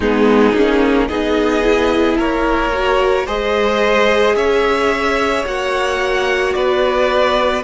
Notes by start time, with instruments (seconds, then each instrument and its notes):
0.00 cello G#3, viola B3, violin D#4 G#4
0.54 cello A#3, viola C#4
1.08 cello B3, viola D#4, violin G#4 D#5
1.62 viola E4
2.17 cello A#3, violin A#4 C#5
2.73 viola F#4
3.26 cello G#3, viola G#4, violin C5 D#5
4.35 cello C#4, violin C#5 E5
5.45 cello A#3, viola F#4, violin F#5
6.53 cello B3, violin B4 D5